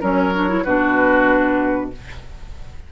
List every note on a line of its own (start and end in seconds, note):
0.00 0.65 F#3
0.00 0.32 C#4
0.00 0.63 A#4
0.00 0.64 C#5
0.34 0.48 D4
0.48 0.64 E4
0.64 1.92 B2
0.64 1.92 D4
0.64 1.90 F#4
0.64 1.90 B4